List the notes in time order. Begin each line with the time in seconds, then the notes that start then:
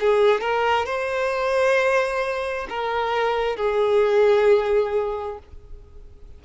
0.00 G#4
0.41 A#4
0.86 C5
2.69 A#4
3.57 G#4